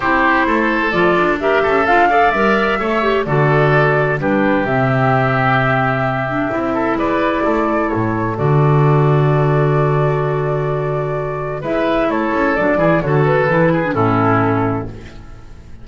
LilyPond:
<<
  \new Staff \with { instrumentName = "flute" } { \time 4/4 \tempo 4 = 129 c''2 d''4 e''4 | f''4 e''2 d''4~ | d''4 b'4 e''2~ | e''2. d''4~ |
d''4 cis''4 d''2~ | d''1~ | d''4 e''4 cis''4 d''4 | cis''8 b'4. a'2 | }
  \new Staff \with { instrumentName = "oboe" } { \time 4/4 g'4 a'2 ais'8 a'8~ | a'8 d''4. cis''4 a'4~ | a'4 g'2.~ | g'2~ g'8 a'8 b'4 |
a'1~ | a'1~ | a'4 b'4 a'4. gis'8 | a'4. gis'8 e'2 | }
  \new Staff \with { instrumentName = "clarinet" } { \time 4/4 e'2 f'4 g'4 | f'8 a'8 ais'4 a'8 g'8 fis'4~ | fis'4 d'4 c'2~ | c'4. d'8 e'2~ |
e'2 fis'2~ | fis'1~ | fis'4 e'2 d'8 e'8 | fis'4 e'8. d'16 cis'2 | }
  \new Staff \with { instrumentName = "double bass" } { \time 4/4 c'4 a4 f8 d'4 cis'8 | d'4 g4 a4 d4~ | d4 g4 c2~ | c2 c'4 gis4 |
a4 a,4 d2~ | d1~ | d4 gis4 a8 cis'8 fis8 e8 | d4 e4 a,2 | }
>>